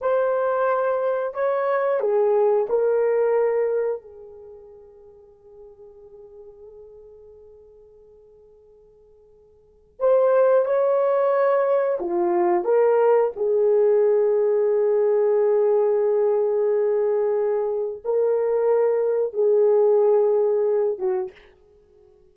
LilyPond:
\new Staff \with { instrumentName = "horn" } { \time 4/4 \tempo 4 = 90 c''2 cis''4 gis'4 | ais'2 gis'2~ | gis'1~ | gis'2. c''4 |
cis''2 f'4 ais'4 | gis'1~ | gis'2. ais'4~ | ais'4 gis'2~ gis'8 fis'8 | }